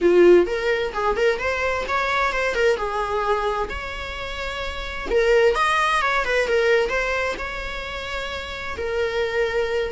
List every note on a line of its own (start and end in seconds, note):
0.01 0.46 F4
0.46 0.92 A#4
0.93 1.16 G#4
1.16 1.38 A#4
1.38 1.84 C5
1.87 2.32 C#5
2.32 2.54 C5
2.54 2.76 A#4
2.76 3.69 G#4
3.69 5.07 C#5
5.10 5.55 A#4
5.55 6.01 D#5
6.01 6.24 C#5
6.24 6.47 B4
6.47 6.89 A#4
6.89 7.35 C5
7.38 8.76 C#5
8.77 9.92 A#4